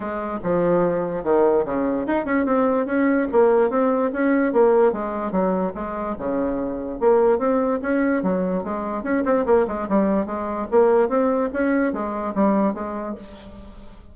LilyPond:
\new Staff \with { instrumentName = "bassoon" } { \time 4/4 \tempo 4 = 146 gis4 f2 dis4 | cis4 dis'8 cis'8 c'4 cis'4 | ais4 c'4 cis'4 ais4 | gis4 fis4 gis4 cis4~ |
cis4 ais4 c'4 cis'4 | fis4 gis4 cis'8 c'8 ais8 gis8 | g4 gis4 ais4 c'4 | cis'4 gis4 g4 gis4 | }